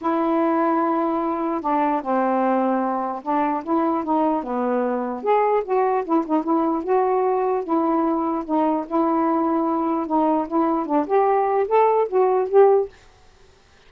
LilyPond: \new Staff \with { instrumentName = "saxophone" } { \time 4/4 \tempo 4 = 149 e'1 | d'4 c'2. | d'4 e'4 dis'4 b4~ | b4 gis'4 fis'4 e'8 dis'8 |
e'4 fis'2 e'4~ | e'4 dis'4 e'2~ | e'4 dis'4 e'4 d'8 g'8~ | g'4 a'4 fis'4 g'4 | }